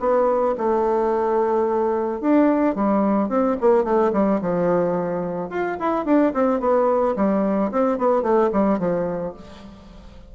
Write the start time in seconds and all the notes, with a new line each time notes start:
0.00 B3
0.58 A3
2.20 D4
2.75 G3
3.29 C4
3.61 A#3
3.84 A3
4.13 G3
4.41 F3
5.49 F4
5.79 E4
6.05 D4
6.33 C4
6.60 B3
7.16 G3
7.71 C4
7.98 B3
8.22 A3
8.52 G3
8.78 F3